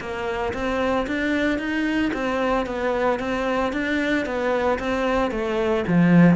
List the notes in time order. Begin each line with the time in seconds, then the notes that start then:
0.00 A#3
0.53 C4
1.07 D4
1.58 D#4
2.13 C4
2.66 B3
3.19 C4
3.72 D4
4.26 B3
4.79 C4
5.31 A3
5.87 F3